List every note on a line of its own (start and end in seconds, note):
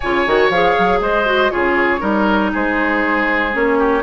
0.00 0.26 C#3
0.00 0.26 F4
0.00 0.98 C#5
0.00 0.49 G#5
0.26 0.49 D#3
0.26 0.52 F#4
0.49 0.74 F3
0.49 1.25 G#4
0.49 1.00 F5
0.78 1.00 F#3
1.00 1.50 G#3
1.00 1.51 C5
1.00 1.50 D#5
1.25 1.50 F#4
1.50 2.01 C#3
1.50 1.99 F4
1.50 2.00 G#4
1.50 2.51 C#5
1.99 2.52 G3
1.99 3.50 D#4
1.99 2.50 A#4
2.53 3.54 G#3
2.53 3.78 G#4
2.53 3.55 C5
3.52 4.03 A#3
3.52 4.03 C#4
3.52 4.03 C#5
3.78 4.03 G4